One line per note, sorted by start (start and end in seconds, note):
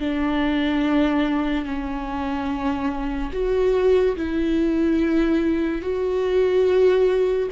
0.00 1.66 D4
1.66 3.32 C#4
3.33 4.16 F#4
4.17 5.83 E4
5.83 7.49 F#4